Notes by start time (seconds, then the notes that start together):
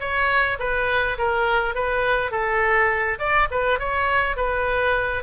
0.00 C#5
0.59 B4
1.18 A#4
1.75 B4
2.31 A4
3.19 D5
3.51 B4
3.79 C#5
4.36 B4